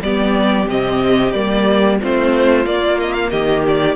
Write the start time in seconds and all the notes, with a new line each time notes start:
0.00 G3 B3 G4 D5
0.67 C3 C4 D#5
1.32 G3 A#3 D5
2.00 A3 C4 F4 C5
2.65 A#3 D5
3.00 D#5
3.13 F5
3.29 D#3 G4 D#5
3.67 D5